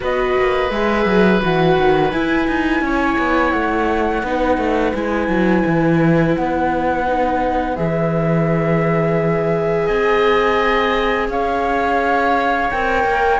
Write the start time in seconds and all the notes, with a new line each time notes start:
0.00 B3 F#4 B4 D#5
0.37 A#3
0.70 G#3 G#4 E5
1.05 F#3
1.40 E3 F#4 F#5
1.77 D#3
2.10 E4 G#5
2.47 D#4
2.81 C#4 C#5
3.18 B3
3.50 A3 F#5
4.22 B3 D#4 B4
4.57 A3
4.94 G#3 E4 G#5
5.28 F#3
5.66 E3
6.35 B3 F#5
7.06 D#4
7.76 E3 G#4 E5
9.85 C4 D#5 G#5
11.28 C#4 C#5 F5
12.70 C4 A#4 G5
13.04 A#3